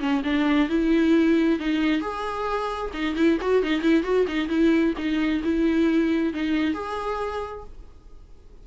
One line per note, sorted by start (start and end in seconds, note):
0.00 0.23 C#4
0.24 0.69 D4
0.69 1.60 E4
1.60 2.01 D#4
2.01 2.91 G#4
2.94 3.16 D#4
3.16 3.39 E4
3.41 3.63 F#4
3.63 3.82 D#4
3.82 4.04 E4
4.04 4.26 F#4
4.28 4.49 D#4
4.49 4.94 E4
4.98 5.43 D#4
5.44 6.34 E4
6.34 6.74 D#4
6.74 7.64 G#4